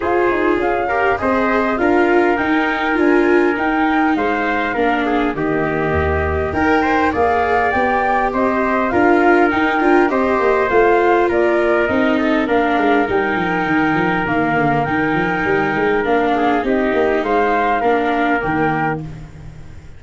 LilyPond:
<<
  \new Staff \with { instrumentName = "flute" } { \time 4/4 \tempo 4 = 101 c''4 f''4 dis''4 f''4 | g''4 gis''4 g''4 f''4~ | f''4 dis''2 g''4 | f''4 g''4 dis''4 f''4 |
g''4 dis''4 f''4 d''4 | dis''4 f''4 g''2 | f''4 g''2 f''4 | dis''4 f''2 g''4 | }
  \new Staff \with { instrumentName = "trumpet" } { \time 4/4 gis'4. ais'8 c''4 ais'4~ | ais'2. c''4 | ais'8 gis'8 g'2 ais'8 c''8 | d''2 c''4 ais'4~ |
ais'4 c''2 ais'4~ | ais'8 a'8 ais'2.~ | ais'2.~ ais'8 gis'8 | g'4 c''4 ais'2 | }
  \new Staff \with { instrumentName = "viola" } { \time 4/4 f'4. g'8 gis'4 f'4 | dis'4 f'4 dis'2 | d'4 ais2 ais'4 | gis'4 g'2 f'4 |
dis'8 f'8 g'4 f'2 | dis'4 d'4 dis'2 | ais4 dis'2 d'4 | dis'2 d'4 ais4 | }
  \new Staff \with { instrumentName = "tuba" } { \time 4/4 f'8 dis'8 cis'4 c'4 d'4 | dis'4 d'4 dis'4 gis4 | ais4 dis4 dis,4 dis'4 | ais4 b4 c'4 d'4 |
dis'8 d'8 c'8 ais8 a4 ais4 | c'4 ais8 gis8 g8 f8 dis8 f8 | dis8 d8 dis8 f8 g8 gis8 ais4 | c'8 ais8 gis4 ais4 dis4 | }
>>